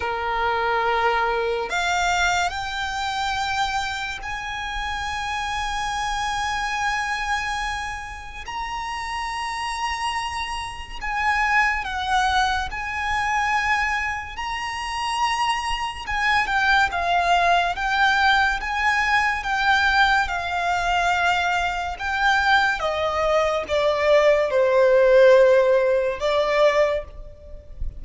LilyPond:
\new Staff \with { instrumentName = "violin" } { \time 4/4 \tempo 4 = 71 ais'2 f''4 g''4~ | g''4 gis''2.~ | gis''2 ais''2~ | ais''4 gis''4 fis''4 gis''4~ |
gis''4 ais''2 gis''8 g''8 | f''4 g''4 gis''4 g''4 | f''2 g''4 dis''4 | d''4 c''2 d''4 | }